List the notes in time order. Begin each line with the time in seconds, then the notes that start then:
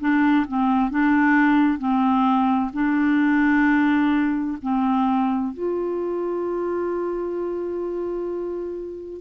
0.00 D4
0.47 C4
0.90 D4
1.78 C4
2.73 D4
4.62 C4
5.53 F4